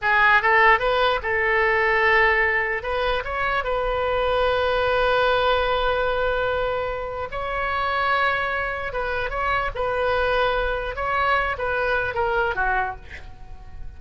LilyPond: \new Staff \with { instrumentName = "oboe" } { \time 4/4 \tempo 4 = 148 gis'4 a'4 b'4 a'4~ | a'2. b'4 | cis''4 b'2.~ | b'1~ |
b'2 cis''2~ | cis''2 b'4 cis''4 | b'2. cis''4~ | cis''8 b'4. ais'4 fis'4 | }